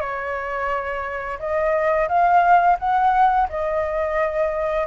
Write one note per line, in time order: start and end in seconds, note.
0.00 1.38 C#5
1.39 2.08 D#5
2.08 2.77 F5
2.79 3.48 F#5
3.49 4.87 D#5